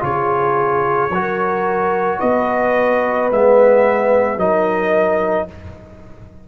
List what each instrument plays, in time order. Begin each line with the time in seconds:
0.00 tuba C#3, trombone F4, horn G#4, trumpet C#5
1.10 tuba F#3, trombone F#4, horn A#4
2.19 tuba B3, horn B4, trumpet D#5
3.31 tuba G#3, trombone B3, trumpet E5
4.37 tuba F#3, trombone D#4, horn A#4, trumpet D#5